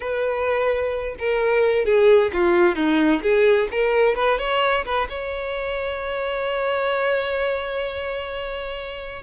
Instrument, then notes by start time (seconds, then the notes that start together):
violin
0.00 B4
1.18 A#4
1.85 G#4
2.33 F4
2.75 D#4
3.22 G#4
3.71 A#4
4.15 B4
4.38 C#5
4.85 B4
5.09 C#5